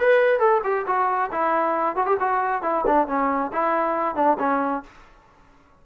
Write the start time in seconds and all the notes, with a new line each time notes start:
0.00 B4
0.40 A4
0.64 G4
0.87 F#4
1.32 E4
1.96 F#4
2.07 G4
2.20 F#4
2.63 E4
2.87 D4
3.08 C#4
3.53 E4
4.16 D4
4.39 C#4